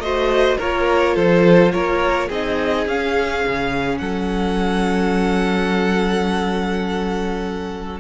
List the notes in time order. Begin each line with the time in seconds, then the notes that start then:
0.00 A3 F#4 C5 D#5
0.58 A#3 F4 A#4 C#5
1.15 F3 A4 C5
1.72 A#3 A#4 C#5
2.28 C4 D#4 G#4 D#5
2.87 C#4 F5
3.47 C#3
3.98 F#3 A4 F#5